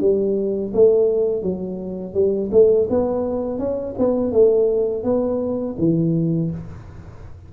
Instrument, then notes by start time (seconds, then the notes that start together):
tuba
0.00 G3
0.74 A3
1.42 F#3
2.14 G3
2.51 A3
2.90 B3
3.58 C#4
3.98 B3
4.32 A3
5.03 B3
5.78 E3